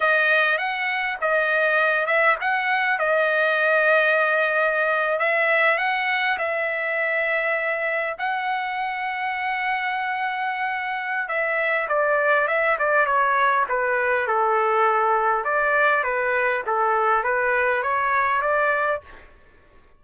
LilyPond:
\new Staff \with { instrumentName = "trumpet" } { \time 4/4 \tempo 4 = 101 dis''4 fis''4 dis''4. e''8 | fis''4 dis''2.~ | dis''8. e''4 fis''4 e''4~ e''16~ | e''4.~ e''16 fis''2~ fis''16~ |
fis''2. e''4 | d''4 e''8 d''8 cis''4 b'4 | a'2 d''4 b'4 | a'4 b'4 cis''4 d''4 | }